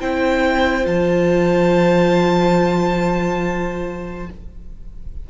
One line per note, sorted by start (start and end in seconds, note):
0.00 0.86 C4
0.00 0.83 E4
0.00 4.29 C5
0.00 0.86 G5
0.83 4.29 F3
0.83 4.26 F4
0.83 4.30 A5